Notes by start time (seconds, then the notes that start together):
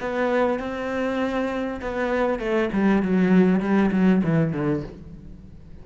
0.00 B3
0.59 C4
1.81 B3
2.39 A3
2.73 G3
3.02 F#3
3.60 G3
3.92 F#3
4.23 E3
4.53 D3